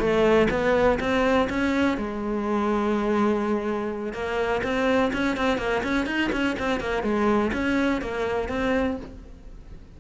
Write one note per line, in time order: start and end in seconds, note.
0.00 0.48 A3
0.51 0.99 B3
1.00 1.48 C4
1.50 1.98 C#4
1.98 4.13 G#3
4.13 4.62 A#3
4.64 5.12 C4
5.13 5.37 C#4
5.37 5.58 C4
5.58 5.83 A#3
5.84 6.07 C#4
6.07 6.31 D#4
6.33 6.57 C#4
6.60 6.81 C4
6.81 7.03 A#3
7.03 7.52 G#3
7.53 8.02 C#4
8.02 8.49 A#3
8.49 8.98 C4